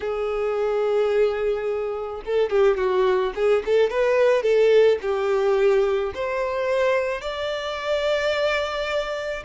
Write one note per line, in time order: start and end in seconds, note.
0.00 2.22 G#4
2.25 2.49 A4
2.49 2.77 G4
2.77 3.33 F#4
3.35 3.63 G#4
3.65 3.90 A4
3.90 4.42 B4
4.42 4.98 A4
5.01 6.12 G4
6.14 7.21 C5
7.21 9.43 D5